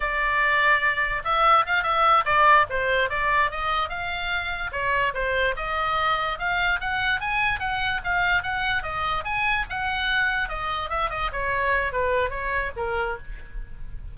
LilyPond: \new Staff \with { instrumentName = "oboe" } { \time 4/4 \tempo 4 = 146 d''2. e''4 | f''8 e''4 d''4 c''4 d''8~ | d''8 dis''4 f''2 cis''8~ | cis''8 c''4 dis''2 f''8~ |
f''8 fis''4 gis''4 fis''4 f''8~ | f''8 fis''4 dis''4 gis''4 fis''8~ | fis''4. dis''4 e''8 dis''8 cis''8~ | cis''4 b'4 cis''4 ais'4 | }